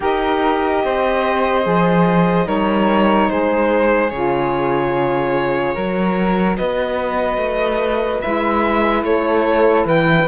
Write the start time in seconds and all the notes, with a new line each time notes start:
0.00 D#4 G4 A#4 D#5
0.84 C4 C5
1.62 F3 G#4
2.45 G3 D#4 A#4 C#5
3.29 G#3 G#4 C5
4.09 C#3 F4 C#5
5.74 F#3 F#4 A#4
6.56 B3 B4 D#5
7.37 A3
8.21 G#3 E4 E5
9.02 A3 A4 C#5
9.85 E3 B4 G5